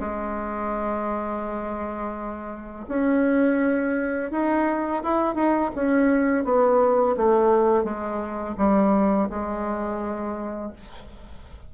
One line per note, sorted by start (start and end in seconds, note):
0.00 2.86 G#3
2.88 4.31 C#4
4.31 5.03 D#4
5.03 5.34 E4
5.34 5.70 D#4
5.75 6.44 C#4
6.44 7.16 B3
7.17 7.84 A3
7.84 8.55 G#3
8.58 9.29 G3
9.30 10.72 G#3